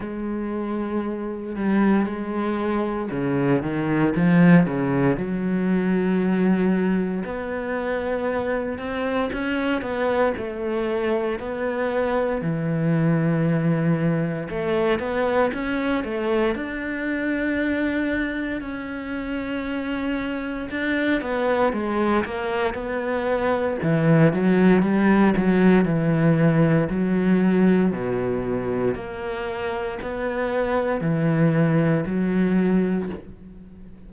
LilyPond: \new Staff \with { instrumentName = "cello" } { \time 4/4 \tempo 4 = 58 gis4. g8 gis4 cis8 dis8 | f8 cis8 fis2 b4~ | b8 c'8 cis'8 b8 a4 b4 | e2 a8 b8 cis'8 a8 |
d'2 cis'2 | d'8 b8 gis8 ais8 b4 e8 fis8 | g8 fis8 e4 fis4 b,4 | ais4 b4 e4 fis4 | }